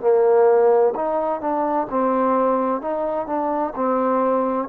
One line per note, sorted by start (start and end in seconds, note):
0.00 0.94 A#3
0.95 1.41 D#4
1.41 1.87 D4
1.90 2.81 C4
2.81 3.26 D#4
3.26 3.73 D4
3.75 4.69 C4